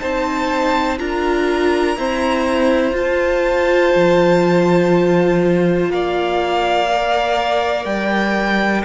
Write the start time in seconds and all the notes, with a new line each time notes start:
0.00 C4 D#4 C5 A5
0.99 D4 F4 A#4 A#5
1.97 C4 E4 C5
2.93 F4 A5
3.95 F3
5.90 A#3 D5 F5
6.89 A#4
7.85 G3 G5